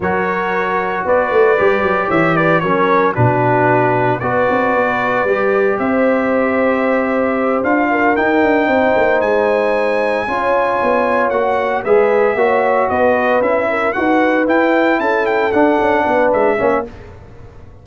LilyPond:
<<
  \new Staff \with { instrumentName = "trumpet" } { \time 4/4 \tempo 4 = 114 cis''2 d''2 | e''8 d''8 cis''4 b'2 | d''2. e''4~ | e''2~ e''8 f''4 g''8~ |
g''4. gis''2~ gis''8~ | gis''4. fis''4 e''4.~ | e''8 dis''4 e''4 fis''4 g''8~ | g''8 a''8 g''8 fis''4. e''4 | }
  \new Staff \with { instrumentName = "horn" } { \time 4/4 ais'2 b'2 | cis''8 b'8 ais'4 fis'2 | b'2. c''4~ | c''2. ais'4~ |
ais'8 c''2. cis''8~ | cis''2~ cis''8 b'4 cis''8~ | cis''8 b'4. ais'8 b'4.~ | b'8 a'2 b'4 cis''8 | }
  \new Staff \with { instrumentName = "trombone" } { \time 4/4 fis'2. g'4~ | g'4 cis'4 d'2 | fis'2 g'2~ | g'2~ g'8 f'4 dis'8~ |
dis'2.~ dis'8 f'8~ | f'4. fis'4 gis'4 fis'8~ | fis'4. e'4 fis'4 e'8~ | e'4. d'2 cis'8 | }
  \new Staff \with { instrumentName = "tuba" } { \time 4/4 fis2 b8 a8 g8 fis8 | e4 fis4 b,2 | b8 c'8 b4 g4 c'4~ | c'2~ c'8 d'4 dis'8 |
d'8 c'8 ais8 gis2 cis'8~ | cis'8 b4 ais4 gis4 ais8~ | ais8 b4 cis'4 dis'4 e'8~ | e'8 cis'4 d'8 cis'8 b8 gis8 ais8 | }
>>